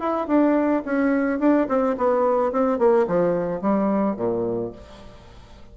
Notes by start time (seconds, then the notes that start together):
0.00 E4
0.28 D4
0.85 C#4
1.40 D4
1.69 C4
1.97 B3
2.53 C4
2.79 A#3
3.07 F3
3.61 G3
4.17 A#2